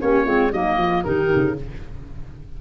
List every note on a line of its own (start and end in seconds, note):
0.00 0.26 A#3
0.00 0.25 C#4
0.00 0.25 G4
0.00 0.52 C#5
0.25 0.51 G#3
0.25 0.51 C4
0.25 0.51 F4
0.51 0.77 F#3
0.51 1.04 A#3
0.51 0.79 D#4
0.51 1.04 D#5
0.77 1.03 F3
0.77 1.05 F4
1.04 1.31 D#3
1.04 1.55 D#4
1.04 1.56 G4
1.04 1.55 A#4
1.35 1.61 C#3